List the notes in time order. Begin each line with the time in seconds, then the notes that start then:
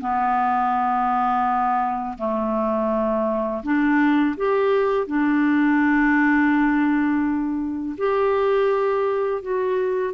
0.00 B3
2.18 A3
3.63 D4
4.36 G4
5.06 D4
7.97 G4
9.41 F#4